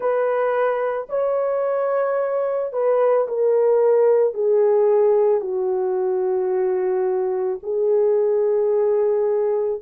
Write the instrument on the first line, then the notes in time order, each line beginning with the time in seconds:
horn
0.00 B4
1.09 C#5
2.72 B4
3.28 A#4
4.33 G#4
5.40 F#4
7.62 G#4